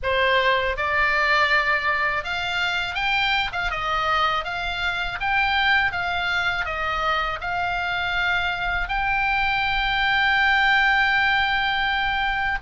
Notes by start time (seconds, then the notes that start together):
0.02 C5
0.76 D5
2.24 F5
2.95 G5
3.52 F5
3.70 D#5
4.44 F5
5.20 G5
5.92 F5
6.65 D#5
7.40 F5
8.88 G5